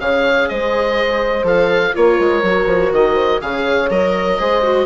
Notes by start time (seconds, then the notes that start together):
0.00 C#3 G#4 C#5 F5
0.49 G#3 C5 D#5
1.44 F3 A4 F5
1.94 A#3 F4 A#4 C#5
2.20 G#3
2.43 F#3 F#4
2.66 F3
2.93 D#3 D#5
3.14 C5
3.41 C#3 G#4 C#5 F5
3.90 F#3 A#4 D#5
4.39 G#3 G#4 C5
4.63 F#4